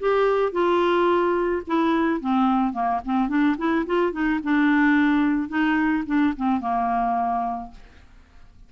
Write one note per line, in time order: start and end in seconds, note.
0.00 0.52 G4
0.52 1.62 F4
1.67 2.21 E4
2.21 2.73 C4
2.73 3.01 A#3
3.05 3.29 C4
3.29 3.57 D4
3.58 3.86 E4
3.86 4.13 F4
4.13 4.40 D#4
4.44 5.49 D4
5.49 6.04 D#4
6.07 6.34 D4
6.37 6.61 C4
6.61 7.71 A#3